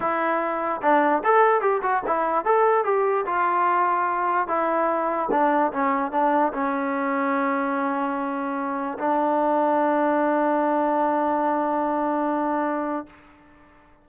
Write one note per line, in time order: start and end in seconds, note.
0.00 0.81 E4
0.82 1.22 D4
1.24 1.61 A4
1.61 1.81 G4
1.82 2.03 F#4
2.06 2.45 E4
2.45 2.84 A4
2.84 3.25 G4
3.26 4.47 F4
4.47 5.29 E4
5.31 5.72 D4
5.72 6.11 C#4
6.11 6.52 D4
6.53 8.98 C#4
8.98 13.06 D4